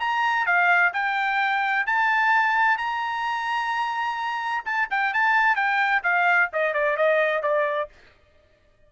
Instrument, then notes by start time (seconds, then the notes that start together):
trumpet
0.00 A#5
0.46 F5
0.93 G5
1.86 A5
2.78 A#5
4.65 A5
4.90 G5
5.14 A5
5.55 G5
6.03 F5
6.53 D#5
6.74 D5
6.97 D#5
7.42 D5